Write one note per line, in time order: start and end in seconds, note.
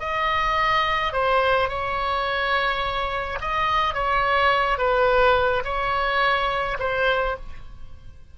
0.00 1.13 D#5
1.13 1.69 C5
1.69 3.39 C#5
3.41 3.94 D#5
3.94 4.79 C#5
4.79 5.63 B4
5.65 6.78 C#5
6.80 7.36 C5